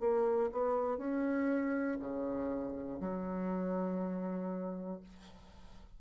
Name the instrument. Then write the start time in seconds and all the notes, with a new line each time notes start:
bassoon
0.00 A#3
0.52 B3
0.98 C#4
2.00 C#3
3.00 F#3